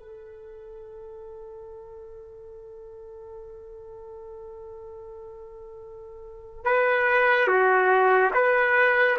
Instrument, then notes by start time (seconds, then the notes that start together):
trumpet
0.00 A4
6.65 B4
7.48 F#4
8.34 B4